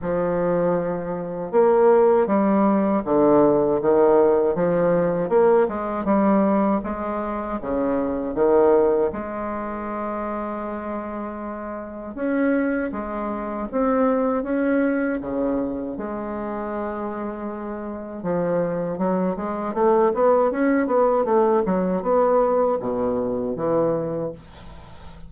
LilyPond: \new Staff \with { instrumentName = "bassoon" } { \time 4/4 \tempo 4 = 79 f2 ais4 g4 | d4 dis4 f4 ais8 gis8 | g4 gis4 cis4 dis4 | gis1 |
cis'4 gis4 c'4 cis'4 | cis4 gis2. | f4 fis8 gis8 a8 b8 cis'8 b8 | a8 fis8 b4 b,4 e4 | }